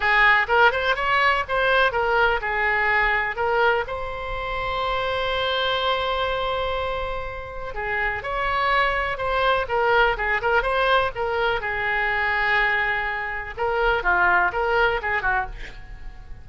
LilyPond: \new Staff \with { instrumentName = "oboe" } { \time 4/4 \tempo 4 = 124 gis'4 ais'8 c''8 cis''4 c''4 | ais'4 gis'2 ais'4 | c''1~ | c''1 |
gis'4 cis''2 c''4 | ais'4 gis'8 ais'8 c''4 ais'4 | gis'1 | ais'4 f'4 ais'4 gis'8 fis'8 | }